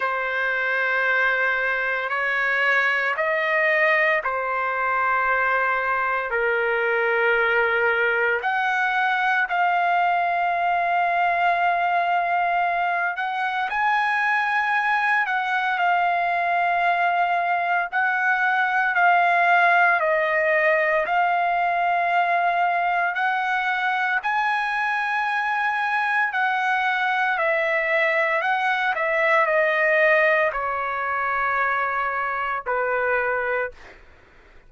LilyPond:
\new Staff \with { instrumentName = "trumpet" } { \time 4/4 \tempo 4 = 57 c''2 cis''4 dis''4 | c''2 ais'2 | fis''4 f''2.~ | f''8 fis''8 gis''4. fis''8 f''4~ |
f''4 fis''4 f''4 dis''4 | f''2 fis''4 gis''4~ | gis''4 fis''4 e''4 fis''8 e''8 | dis''4 cis''2 b'4 | }